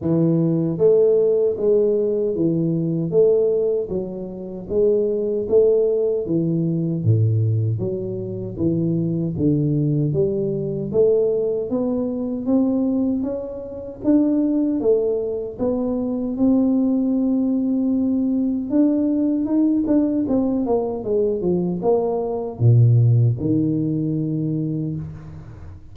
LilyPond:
\new Staff \with { instrumentName = "tuba" } { \time 4/4 \tempo 4 = 77 e4 a4 gis4 e4 | a4 fis4 gis4 a4 | e4 a,4 fis4 e4 | d4 g4 a4 b4 |
c'4 cis'4 d'4 a4 | b4 c'2. | d'4 dis'8 d'8 c'8 ais8 gis8 f8 | ais4 ais,4 dis2 | }